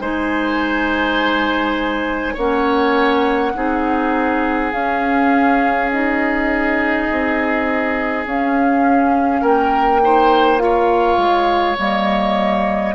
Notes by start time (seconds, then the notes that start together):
0.00 G#3 D#4 C5 G#5
2.34 A#3 C#4 C#5 F#5
3.54 C4 D#4 G#4
4.72 C#4 F5
5.91 D#4 D#5
7.11 C4
8.26 C#4 F5
9.42 A#3 A#4 G5
10.02 D#4 C5
10.58 F4 C#5 F5
11.17 G#3
11.77 G3 A#3 D#5